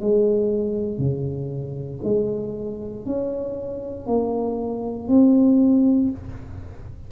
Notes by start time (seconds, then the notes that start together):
0.00 G#3
0.98 C#3
2.03 G#3
3.05 C#4
4.06 A#3
5.08 C4